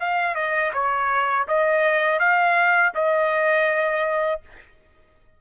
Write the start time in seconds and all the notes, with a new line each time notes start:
0.00 F5
0.35 D#5
0.74 C#5
1.48 D#5
2.20 F5
2.95 D#5